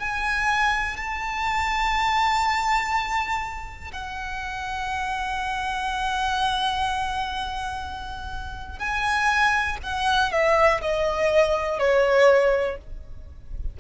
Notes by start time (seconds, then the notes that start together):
0.00 G#5
0.97 A5
3.93 F#5
8.79 G#5
9.84 F#5
10.32 E5
10.82 D#5
11.79 C#5